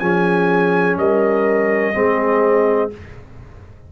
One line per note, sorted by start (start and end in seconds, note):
0.00 0.97 F3
0.00 1.94 C#4
0.00 0.99 G#4
0.00 0.97 G#5
0.97 1.94 G3
0.97 1.96 A#4
0.97 2.92 D#5
1.94 2.92 G#3
1.94 2.91 C4
1.94 2.93 G#4